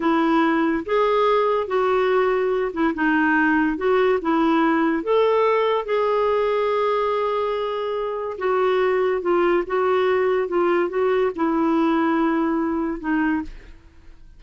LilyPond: \new Staff \with { instrumentName = "clarinet" } { \time 4/4 \tempo 4 = 143 e'2 gis'2 | fis'2~ fis'8 e'8 dis'4~ | dis'4 fis'4 e'2 | a'2 gis'2~ |
gis'1 | fis'2 f'4 fis'4~ | fis'4 f'4 fis'4 e'4~ | e'2. dis'4 | }